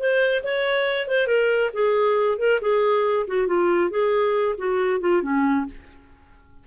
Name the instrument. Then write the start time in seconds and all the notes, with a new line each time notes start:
clarinet
0.00 C5
0.44 C#5
1.08 C5
1.27 A#4
1.74 G#4
2.39 A#4
2.62 G#4
3.28 F#4
3.48 F4
3.91 G#4
4.58 F#4
5.01 F4
5.23 C#4